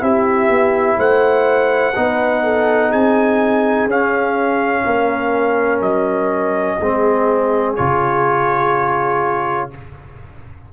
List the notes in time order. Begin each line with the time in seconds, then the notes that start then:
0.00 C4 E4 G4 E5
0.48 B3
0.97 A3 C5 F#5
1.96 B3 D#4 B4
2.43 A4
2.89 C4 G#4 G#5
3.86 C#4 F5
4.84 A#3 A#4
5.80 F#3 D#5
6.78 G#3 C4 G#4
7.75 C#3 F4 C#5